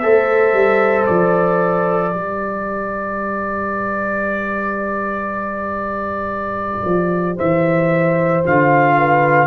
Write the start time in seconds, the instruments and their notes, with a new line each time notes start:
0.00 tuba A3, trombone A4, horn C5, trumpet E5
0.53 tuba G3
1.06 tuba F3, trumpet D5
2.12 tuba G3, trombone G4, horn B4
6.86 tuba F3
7.36 tuba E3, horn C5, trumpet E5
8.45 tuba D3, trombone F4, trumpet F5
8.98 horn B4